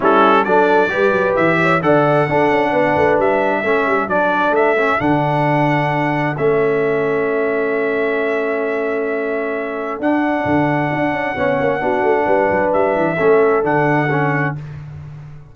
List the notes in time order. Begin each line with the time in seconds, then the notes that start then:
0.00 G3 C#4 E4 A4
0.44 F#3 D4 A4 D5
0.88 G3 G4 B4
1.12 F#3
1.35 E3 E5
1.61 C#5
1.82 D3 A4 D5 F#5
2.28 D4 A4
2.50 C#4
2.71 B3 B4
2.96 A3
3.18 G3 E5
3.62 A3 C#4 A4
3.86 G3
4.07 F#3 D4 D5
4.50 A3 E5
4.78 C#4
4.99 D3 D4 F#5
6.37 A3 C#4 E5
9.99 D4 F#5
10.45 D3
10.92 D4
11.12 C#4
11.35 B3 C#4 C#5
11.60 A#3
11.80 B3 D4 F#4
12.02 A3
12.25 G3 B4
12.50 F#3
12.72 G3 E5
12.95 E3
13.15 A3 C#4 A4
13.62 D3 D4 F#5
14.10 C#4